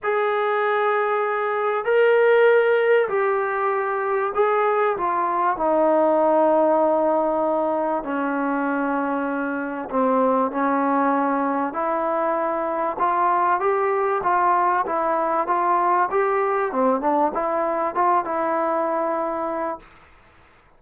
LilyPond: \new Staff \with { instrumentName = "trombone" } { \time 4/4 \tempo 4 = 97 gis'2. ais'4~ | ais'4 g'2 gis'4 | f'4 dis'2.~ | dis'4 cis'2. |
c'4 cis'2 e'4~ | e'4 f'4 g'4 f'4 | e'4 f'4 g'4 c'8 d'8 | e'4 f'8 e'2~ e'8 | }